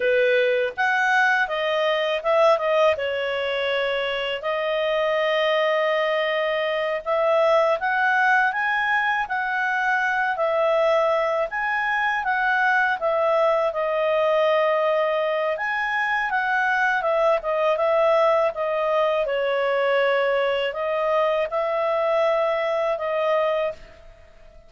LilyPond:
\new Staff \with { instrumentName = "clarinet" } { \time 4/4 \tempo 4 = 81 b'4 fis''4 dis''4 e''8 dis''8 | cis''2 dis''2~ | dis''4. e''4 fis''4 gis''8~ | gis''8 fis''4. e''4. gis''8~ |
gis''8 fis''4 e''4 dis''4.~ | dis''4 gis''4 fis''4 e''8 dis''8 | e''4 dis''4 cis''2 | dis''4 e''2 dis''4 | }